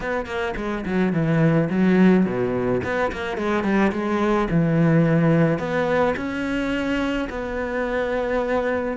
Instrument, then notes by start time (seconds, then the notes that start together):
cello
0.00 B3
0.25 A#3
0.56 G#3
0.85 F#3
1.12 E3
1.69 F#3
2.25 B2
2.83 B3
3.11 A#3
3.37 G#3
3.63 G3
3.92 G#3
4.50 E3
5.58 B3
6.16 C#4
7.29 B3